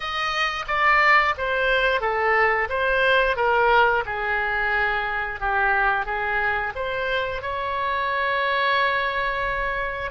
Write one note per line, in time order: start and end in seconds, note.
0.00 0.65 D#5
0.67 1.35 D5
1.37 2.00 C5
2.00 2.68 A4
2.69 3.36 C5
3.36 4.04 A#4
4.05 5.40 G#4
5.40 6.05 G4
6.05 6.73 G#4
6.75 7.42 C5
7.42 10.11 C#5